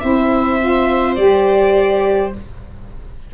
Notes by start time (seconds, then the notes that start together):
0.00 C4 E4 C5 E5
0.60 F4
1.16 G3 G4 D5